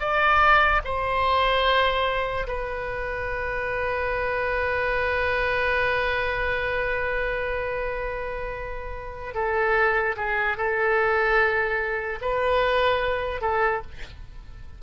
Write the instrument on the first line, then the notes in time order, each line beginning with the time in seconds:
oboe
0.00 D5
0.84 C5
2.47 B4
9.35 A4
10.16 G#4
10.57 A4
12.21 B4
13.41 A4